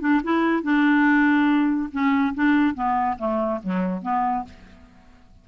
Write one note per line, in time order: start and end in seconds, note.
0.00 0.21 D4
0.23 0.63 E4
0.63 1.90 D4
1.92 2.34 C#4
2.34 2.75 D4
2.75 3.17 B3
3.18 3.60 A3
3.63 4.02 F#3
4.02 4.44 B3